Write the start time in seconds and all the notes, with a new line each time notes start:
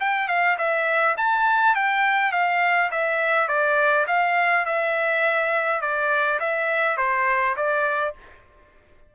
0.00 G5
0.28 F5
0.58 E5
1.17 A5
1.75 G5
2.32 F5
2.91 E5
3.48 D5
4.07 F5
4.65 E5
5.81 D5
6.40 E5
6.97 C5
7.56 D5